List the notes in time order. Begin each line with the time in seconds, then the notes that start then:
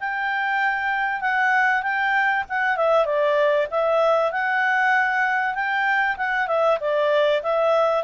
0.00 G5
1.21 F#5
1.83 G5
2.49 F#5
2.77 E5
3.06 D5
3.71 E5
4.32 F#5
5.55 G5
6.17 F#5
6.48 E5
6.80 D5
7.43 E5